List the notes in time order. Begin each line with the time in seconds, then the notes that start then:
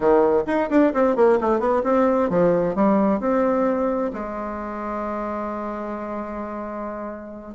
0.00 D#3
0.46 D#4
0.70 D4
0.93 C4
1.16 A#3
1.40 A3
1.59 B3
1.83 C4
2.29 F3
2.75 G3
3.19 C4
4.13 G#3